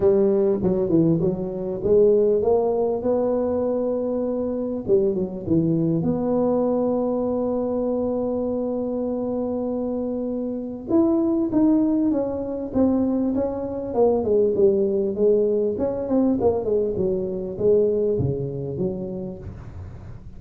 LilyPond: \new Staff \with { instrumentName = "tuba" } { \time 4/4 \tempo 4 = 99 g4 fis8 e8 fis4 gis4 | ais4 b2. | g8 fis8 e4 b2~ | b1~ |
b2 e'4 dis'4 | cis'4 c'4 cis'4 ais8 gis8 | g4 gis4 cis'8 c'8 ais8 gis8 | fis4 gis4 cis4 fis4 | }